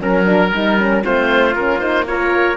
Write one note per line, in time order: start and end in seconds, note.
0.00 0.52 F#3
0.00 0.25 C#4
0.00 1.05 A#4
0.25 0.51 D4
0.53 1.04 G3
0.53 0.79 D#4
0.79 1.03 C#4
1.03 1.56 A3
1.03 1.55 C4
1.03 2.08 F4
1.03 1.55 C5
1.55 2.57 A#3
1.55 1.80 C#4
1.55 1.80 A#4
1.80 2.06 D#4
1.80 2.06 C5
2.07 2.57 F4
2.07 2.57 A#4
2.07 2.57 C#5